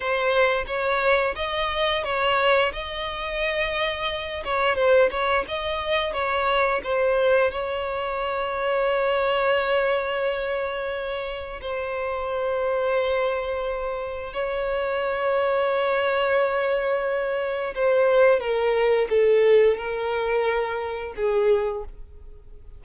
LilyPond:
\new Staff \with { instrumentName = "violin" } { \time 4/4 \tempo 4 = 88 c''4 cis''4 dis''4 cis''4 | dis''2~ dis''8 cis''8 c''8 cis''8 | dis''4 cis''4 c''4 cis''4~ | cis''1~ |
cis''4 c''2.~ | c''4 cis''2.~ | cis''2 c''4 ais'4 | a'4 ais'2 gis'4 | }